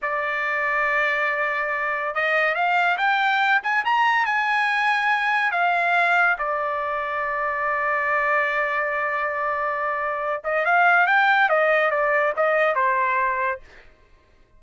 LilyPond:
\new Staff \with { instrumentName = "trumpet" } { \time 4/4 \tempo 4 = 141 d''1~ | d''4 dis''4 f''4 g''4~ | g''8 gis''8 ais''4 gis''2~ | gis''4 f''2 d''4~ |
d''1~ | d''1~ | d''8 dis''8 f''4 g''4 dis''4 | d''4 dis''4 c''2 | }